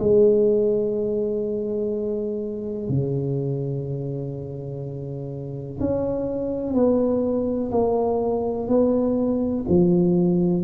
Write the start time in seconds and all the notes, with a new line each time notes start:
0.00 G#3
2.89 C#3
5.80 C#4
6.74 B3
7.71 A#3
8.68 B3
9.69 F3